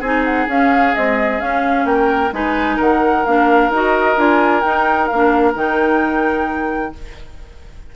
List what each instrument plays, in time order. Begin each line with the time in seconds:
0.00 bassoon C4, clarinet D#4, oboe G#4, flute G#5
0.24 flute F#5
0.47 bassoon C#4, clarinet C#4, flute F5
0.95 clarinet G#3, bassoon C4, flute D#5
1.38 clarinet C#4, bassoon C#4, flute F5
1.84 bassoon A#3, oboe A#4, flute G5
2.32 bassoon G#3, clarinet D#4, oboe B4, flute G#5
2.76 bassoon D#3, oboe A#4, flute F#5
3.25 bassoon A#3, clarinet D4, flute F5
3.69 bassoon D#4, clarinet F#4, flute D#5
4.16 bassoon D4, clarinet F4, flute G#5
4.62 bassoon D#4, clarinet D#4, flute G5
5.07 bassoon A#3, flute F5
5.14 clarinet D4
5.54 bassoon D#3, clarinet D#4, flute G5